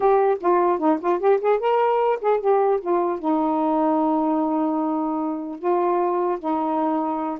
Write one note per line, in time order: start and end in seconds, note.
0.00 0.38 G4
0.40 0.78 F4
0.78 0.98 D#4
1.00 1.19 F4
1.19 1.39 G4
1.41 1.59 G#4
1.59 2.19 A#4
2.21 2.40 G#4
2.40 2.80 G4
2.81 3.19 F4
3.19 5.58 D#4
5.58 6.38 F4
6.39 7.39 D#4